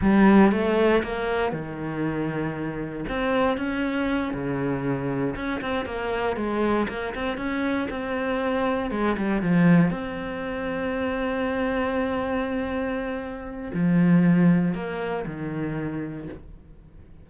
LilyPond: \new Staff \with { instrumentName = "cello" } { \time 4/4 \tempo 4 = 118 g4 a4 ais4 dis4~ | dis2 c'4 cis'4~ | cis'8 cis2 cis'8 c'8 ais8~ | ais8 gis4 ais8 c'8 cis'4 c'8~ |
c'4. gis8 g8 f4 c'8~ | c'1~ | c'2. f4~ | f4 ais4 dis2 | }